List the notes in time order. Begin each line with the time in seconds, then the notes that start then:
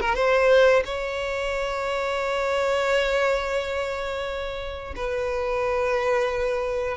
0.00 A#4
0.15 C5
0.85 C#5
4.96 B4